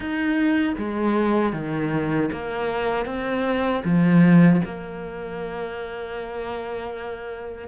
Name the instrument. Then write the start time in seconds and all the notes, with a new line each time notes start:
cello
0.00 D#4
0.78 G#3
1.52 D#3
2.31 A#3
3.05 C4
3.84 F3
4.65 A#3